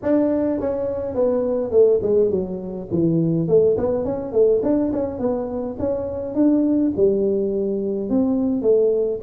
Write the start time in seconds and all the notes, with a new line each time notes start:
0.02 D4
0.60 C#4
1.14 B3
1.71 A3
2.02 G#3
2.30 F#3
2.91 E3
3.48 A3
3.77 B3
4.05 C#4
4.32 A3
4.63 D4
4.92 C#4
5.18 B3
5.79 C#4
6.35 D4
6.96 G3
8.09 C4
8.62 A3